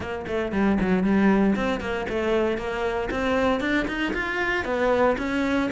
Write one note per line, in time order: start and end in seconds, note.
0.00 0.25 A#3
0.27 0.52 A3
0.52 0.78 G3
0.80 1.03 F#3
1.03 1.55 G3
1.55 1.80 C4
1.80 2.06 A#3
2.09 2.57 A3
2.57 3.09 A#3
3.10 3.60 C4
3.60 3.86 D4
3.87 4.13 D#4
4.13 4.64 F4
4.64 5.16 B3
5.18 5.69 C#4